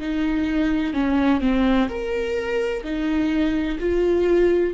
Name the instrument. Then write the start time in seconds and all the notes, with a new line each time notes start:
viola
0.00 D#4
0.94 C#4
1.41 C4
1.89 A#4
2.84 D#4
3.79 F4